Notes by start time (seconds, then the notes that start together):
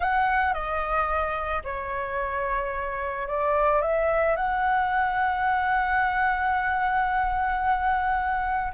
0.00 F#5
0.53 D#5
1.63 C#5
3.27 D5
3.81 E5
4.35 F#5